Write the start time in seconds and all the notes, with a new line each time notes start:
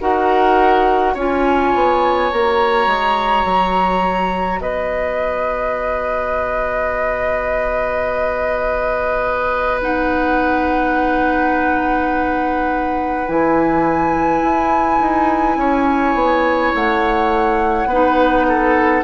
0.00 D#4 F#4 A#4 F#5
1.14 C#4 F4 C#5 G#5
1.74 B3
2.31 A#3 F#4 A#5
2.86 G#3
3.44 F#3
4.58 B3 B4 D#5
9.81 D#4 F#5
13.26 E3 E4 G#5
14.42 E4
15.00 D#4
15.56 C#4 C#5
16.14 B3
16.74 A3 F#5
17.85 B3 B4
17.92 D#4
18.48 A4